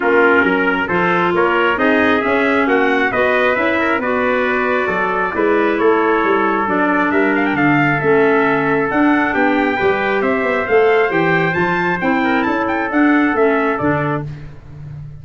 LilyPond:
<<
  \new Staff \with { instrumentName = "trumpet" } { \time 4/4 \tempo 4 = 135 ais'2 c''4 cis''4 | dis''4 e''4 fis''4 dis''4 | e''4 d''2.~ | d''4 cis''2 d''4 |
e''8 f''16 g''16 f''4 e''2 | fis''4 g''2 e''4 | f''4 g''4 a''4 g''4 | a''8 g''8 fis''4 e''4 d''4 | }
  \new Staff \with { instrumentName = "trumpet" } { \time 4/4 f'4 ais'4 a'4 ais'4 | gis'2 fis'4 b'4~ | b'8 ais'8 b'2 a'4 | b'4 a'2. |
ais'4 a'2.~ | a'4 g'4 b'4 c''4~ | c''2.~ c''8 ais'8 | a'1 | }
  \new Staff \with { instrumentName = "clarinet" } { \time 4/4 cis'2 f'2 | dis'4 cis'2 fis'4 | e'4 fis'2. | e'2. d'4~ |
d'2 cis'2 | d'2 g'2 | a'4 g'4 f'4 e'4~ | e'4 d'4 cis'4 d'4 | }
  \new Staff \with { instrumentName = "tuba" } { \time 4/4 ais4 fis4 f4 ais4 | c'4 cis'4 ais4 b4 | cis'4 b2 fis4 | gis4 a4 g4 fis4 |
g4 d4 a2 | d'4 b4 g4 c'8 b8 | a4 e4 f4 c'4 | cis'4 d'4 a4 d4 | }
>>